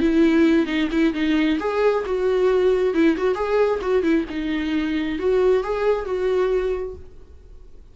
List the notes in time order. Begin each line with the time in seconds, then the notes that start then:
0.00 E4
0.66 D#4
0.91 E4
1.13 D#4
1.60 G#4
2.05 F#4
2.94 E4
3.17 F#4
3.35 G#4
3.81 F#4
4.02 E4
4.29 D#4
5.18 F#4
5.63 G#4
6.05 F#4